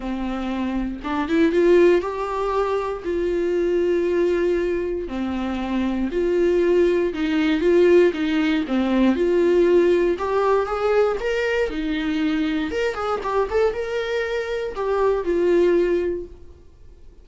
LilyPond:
\new Staff \with { instrumentName = "viola" } { \time 4/4 \tempo 4 = 118 c'2 d'8 e'8 f'4 | g'2 f'2~ | f'2 c'2 | f'2 dis'4 f'4 |
dis'4 c'4 f'2 | g'4 gis'4 ais'4 dis'4~ | dis'4 ais'8 gis'8 g'8 a'8 ais'4~ | ais'4 g'4 f'2 | }